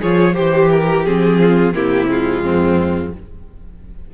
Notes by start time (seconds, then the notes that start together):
0.00 F3 F4 G#4 C#5
0.33 E3 G4 C5
0.71 A#4
1.05 F3 C4 G#4
1.39 F4
1.74 C3 A#3 E4 G4
2.08 G#3 F4
2.43 F2 C4